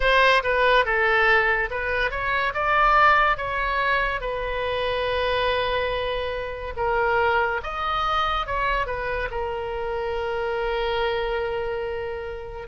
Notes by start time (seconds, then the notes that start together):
0.00 C5
0.43 B4
0.85 A4
1.70 B4
2.10 C#5
2.54 D5
3.36 C#5
4.20 B4
6.76 A#4
7.63 D#5
8.46 C#5
8.86 B4
9.30 A#4